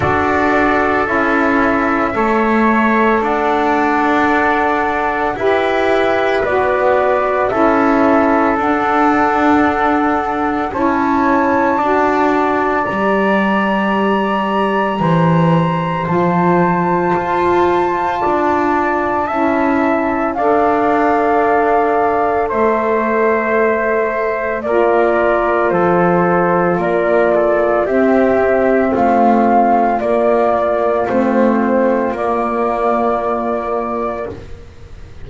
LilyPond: <<
  \new Staff \with { instrumentName = "flute" } { \time 4/4 \tempo 4 = 56 d''4 e''2 fis''4~ | fis''4 e''4 d''4 e''4 | fis''2 a''2 | ais''2. a''4~ |
a''2. f''4~ | f''4 e''2 d''4 | c''4 d''4 e''4 f''4 | d''4 c''4 d''2 | }
  \new Staff \with { instrumentName = "trumpet" } { \time 4/4 a'2 cis''4 d''4~ | d''4 b'2 a'4~ | a'2 cis''4 d''4~ | d''2 c''2~ |
c''4 d''4 e''4 d''4~ | d''4 c''2 ais'4 | a'4 ais'8 a'8 g'4 f'4~ | f'1 | }
  \new Staff \with { instrumentName = "saxophone" } { \time 4/4 fis'4 e'4 a'2~ | a'4 g'4 fis'4 e'4 | d'2 e'4 fis'4 | g'2. f'4~ |
f'2 e'4 a'4~ | a'2. f'4~ | f'2 c'2 | ais4 c'4 ais2 | }
  \new Staff \with { instrumentName = "double bass" } { \time 4/4 d'4 cis'4 a4 d'4~ | d'4 e'4 b4 cis'4 | d'2 cis'4 d'4 | g2 e4 f4 |
f'4 d'4 cis'4 d'4~ | d'4 a2 ais4 | f4 ais4 c'4 a4 | ais4 a4 ais2 | }
>>